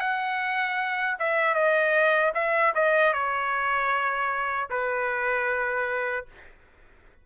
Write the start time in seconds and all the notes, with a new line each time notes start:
0.00 F#5
1.19 E5
1.54 D#5
2.34 E5
2.74 D#5
3.13 C#5
4.70 B4